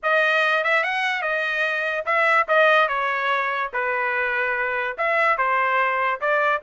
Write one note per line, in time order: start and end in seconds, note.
0.03 0.64 D#5
0.64 0.83 E5
0.83 1.22 F#5
1.22 2.04 D#5
2.05 2.46 E5
2.47 2.88 D#5
2.88 3.71 C#5
3.73 4.97 B4
4.97 5.37 E5
5.37 6.20 C5
6.20 6.62 D5